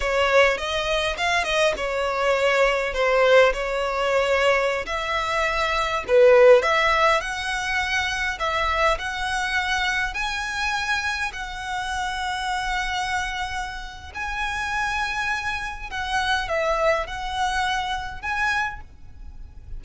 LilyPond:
\new Staff \with { instrumentName = "violin" } { \time 4/4 \tempo 4 = 102 cis''4 dis''4 f''8 dis''8 cis''4~ | cis''4 c''4 cis''2~ | cis''16 e''2 b'4 e''8.~ | e''16 fis''2 e''4 fis''8.~ |
fis''4~ fis''16 gis''2 fis''8.~ | fis''1 | gis''2. fis''4 | e''4 fis''2 gis''4 | }